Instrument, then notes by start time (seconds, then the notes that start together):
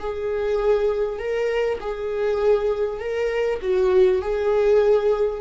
viola
0.00 G#4
1.19 A#4
1.81 G#4
3.00 A#4
3.62 F#4
4.22 G#4